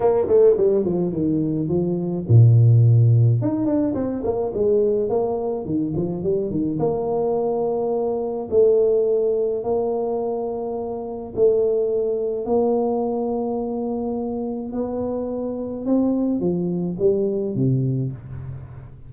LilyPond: \new Staff \with { instrumentName = "tuba" } { \time 4/4 \tempo 4 = 106 ais8 a8 g8 f8 dis4 f4 | ais,2 dis'8 d'8 c'8 ais8 | gis4 ais4 dis8 f8 g8 dis8 | ais2. a4~ |
a4 ais2. | a2 ais2~ | ais2 b2 | c'4 f4 g4 c4 | }